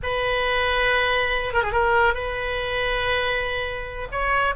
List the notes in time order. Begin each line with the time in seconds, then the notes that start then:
0.02 B4
1.53 A#4
1.63 G#4
1.72 A#4
2.13 B4
4.11 C#5